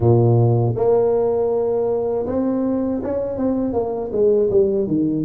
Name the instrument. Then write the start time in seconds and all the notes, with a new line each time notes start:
tuba
0.00 A#2
0.75 A#3
2.26 C4
3.03 C#4
3.38 C4
3.73 A#3
4.12 G#3
4.50 G3
4.87 D#3